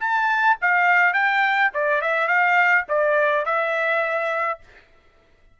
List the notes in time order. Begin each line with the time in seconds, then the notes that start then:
0.00 A5
0.62 F5
1.14 G5
1.74 D5
2.02 E5
2.28 F5
2.89 D5
3.45 E5